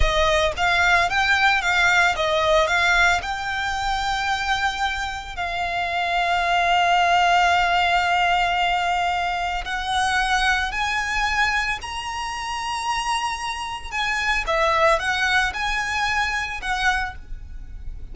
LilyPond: \new Staff \with { instrumentName = "violin" } { \time 4/4 \tempo 4 = 112 dis''4 f''4 g''4 f''4 | dis''4 f''4 g''2~ | g''2 f''2~ | f''1~ |
f''2 fis''2 | gis''2 ais''2~ | ais''2 gis''4 e''4 | fis''4 gis''2 fis''4 | }